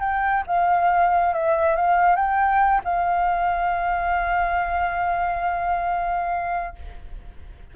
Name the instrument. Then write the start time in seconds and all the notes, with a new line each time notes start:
flute
0.00 G5
0.47 F5
1.34 E5
1.76 F5
2.16 G5
2.84 F5